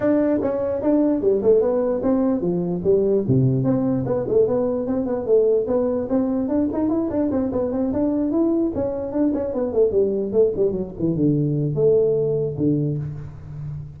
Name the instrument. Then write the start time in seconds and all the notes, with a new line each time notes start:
tuba
0.00 D4
0.41 C#4
0.82 D4
1.21 G3
1.42 A3
1.61 B3
2.03 C4
2.41 F3
2.84 G3
3.27 C3
3.64 C4
4.05 B3
4.28 A3
4.47 B3
4.86 C4
5.06 B3
5.25 A3
5.67 B3
6.09 C4
6.48 D4
6.72 D#4
6.89 E4
7.09 D4
7.31 C4
7.52 B3
7.72 C4
7.93 D4
8.31 E4
8.75 C#4
9.12 D4
9.33 C#4
9.53 B3
9.72 A3
9.91 G3
10.32 A3
10.56 G3
10.71 F#3
10.99 E3
11.15 D3
11.74 A3
12.57 D3